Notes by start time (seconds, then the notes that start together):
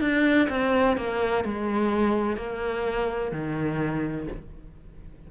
0.00 D4
0.49 C4
0.97 A#3
1.44 G#3
2.36 A#3
3.32 D#3